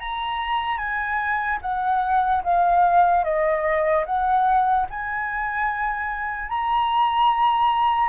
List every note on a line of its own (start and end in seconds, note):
0.00 0.78 A#5
0.78 1.59 G#5
1.62 2.43 F#5
2.44 3.24 F5
3.24 4.05 D#5
4.06 4.87 F#5
4.90 6.49 G#5
6.49 8.09 A#5